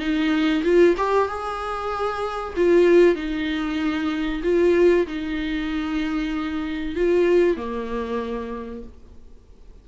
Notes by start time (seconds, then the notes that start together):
0.00 D#4
0.64 F4
0.98 G4
1.28 G#4
2.57 F4
3.16 D#4
4.44 F4
5.07 D#4
6.96 F4
7.57 A#3